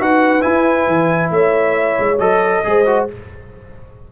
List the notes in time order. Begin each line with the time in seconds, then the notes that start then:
0.00 D#4 F#4 B4 F#5
0.42 E4 G#5
0.88 E3
1.31 A3 C#5 E5
2.00 G#3
2.19 F#3 A4 D#5
2.64 G#3 G#4 C5
2.86 F#4